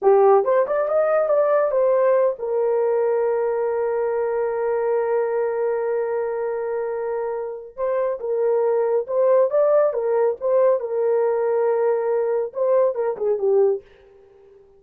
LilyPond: \new Staff \with { instrumentName = "horn" } { \time 4/4 \tempo 4 = 139 g'4 c''8 d''8 dis''4 d''4 | c''4. ais'2~ ais'8~ | ais'1~ | ais'1~ |
ais'2 c''4 ais'4~ | ais'4 c''4 d''4 ais'4 | c''4 ais'2.~ | ais'4 c''4 ais'8 gis'8 g'4 | }